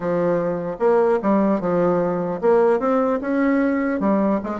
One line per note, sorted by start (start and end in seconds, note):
0.00 0.76 F3
0.79 1.19 A#3
1.22 1.60 G3
1.60 2.40 F3
2.41 2.79 A#3
2.79 3.19 C4
3.21 4.00 C#4
4.00 4.40 G3
4.43 4.60 G#3